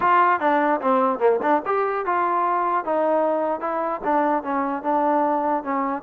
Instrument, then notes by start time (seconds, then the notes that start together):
trombone
0.00 F4
0.40 D4
0.81 C4
1.19 A#3
1.42 D4
1.65 G4
2.05 F4
2.84 D#4
3.60 E4
4.03 D4
4.43 C#4
4.82 D4
5.63 C#4